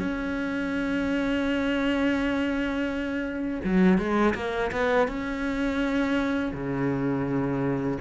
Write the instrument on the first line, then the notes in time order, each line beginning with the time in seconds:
cello
0.00 C#4
3.65 F#3
3.99 G#3
4.35 A#3
4.73 B3
5.08 C#4
6.54 C#3